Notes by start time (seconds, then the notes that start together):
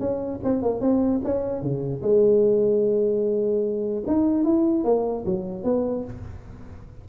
0.00 C#4
0.44 C4
0.62 A#3
0.81 C4
1.24 C#4
1.62 C#3
2.03 G#3
4.07 D#4
4.45 E4
4.84 A#3
5.26 F#3
5.64 B3